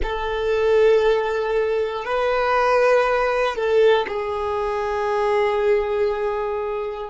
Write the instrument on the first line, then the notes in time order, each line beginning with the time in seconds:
violin
0.02 A4
2.04 B4
3.55 A4
4.07 G#4